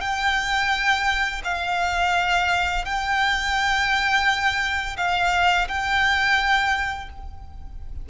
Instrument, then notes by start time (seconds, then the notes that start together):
violin
0.00 G5
1.44 F5
2.84 G5
4.97 F5
5.68 G5